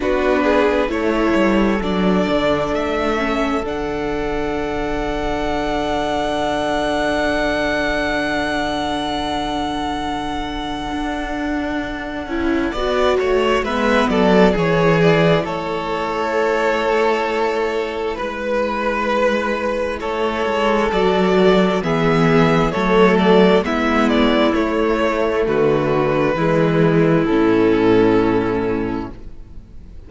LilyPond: <<
  \new Staff \with { instrumentName = "violin" } { \time 4/4 \tempo 4 = 66 b'4 cis''4 d''4 e''4 | fis''1~ | fis''1~ | fis''2. e''8 d''8 |
cis''8 d''8 cis''2. | b'2 cis''4 d''4 | e''4 cis''8 d''8 e''8 d''8 cis''4 | b'2 a'2 | }
  \new Staff \with { instrumentName = "violin" } { \time 4/4 fis'8 gis'8 a'2.~ | a'1~ | a'1~ | a'2 d''8 cis''8 b'8 a'8 |
gis'4 a'2. | b'2 a'2 | gis'4 a'4 e'2 | fis'4 e'2. | }
  \new Staff \with { instrumentName = "viola" } { \time 4/4 d'4 e'4 d'4. cis'8 | d'1~ | d'1~ | d'4. e'8 fis'4 b4 |
e'1~ | e'2. fis'4 | b4 a4 b4 a4~ | a4 gis4 cis'2 | }
  \new Staff \with { instrumentName = "cello" } { \time 4/4 b4 a8 g8 fis8 d8 a4 | d1~ | d1 | d'4. cis'8 b8 a8 gis8 fis8 |
e4 a2. | gis2 a8 gis8 fis4 | e4 fis4 gis4 a4 | d4 e4 a,2 | }
>>